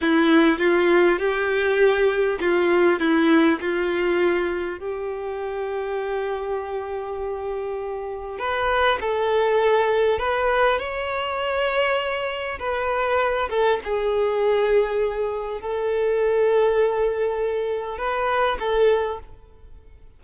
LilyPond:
\new Staff \with { instrumentName = "violin" } { \time 4/4 \tempo 4 = 100 e'4 f'4 g'2 | f'4 e'4 f'2 | g'1~ | g'2 b'4 a'4~ |
a'4 b'4 cis''2~ | cis''4 b'4. a'8 gis'4~ | gis'2 a'2~ | a'2 b'4 a'4 | }